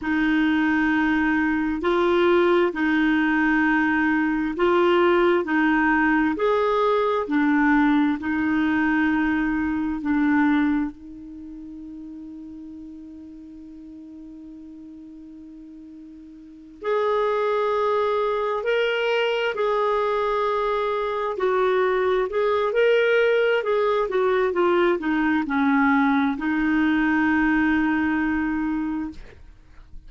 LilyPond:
\new Staff \with { instrumentName = "clarinet" } { \time 4/4 \tempo 4 = 66 dis'2 f'4 dis'4~ | dis'4 f'4 dis'4 gis'4 | d'4 dis'2 d'4 | dis'1~ |
dis'2~ dis'8 gis'4.~ | gis'8 ais'4 gis'2 fis'8~ | fis'8 gis'8 ais'4 gis'8 fis'8 f'8 dis'8 | cis'4 dis'2. | }